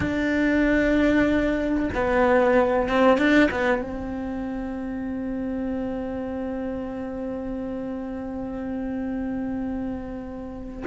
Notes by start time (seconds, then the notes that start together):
0.00 D4
1.94 B3
2.88 C4
3.17 D4
3.51 B3
3.81 C4